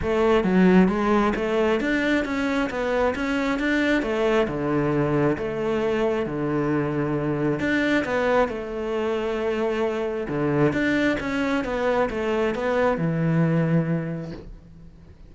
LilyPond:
\new Staff \with { instrumentName = "cello" } { \time 4/4 \tempo 4 = 134 a4 fis4 gis4 a4 | d'4 cis'4 b4 cis'4 | d'4 a4 d2 | a2 d2~ |
d4 d'4 b4 a4~ | a2. d4 | d'4 cis'4 b4 a4 | b4 e2. | }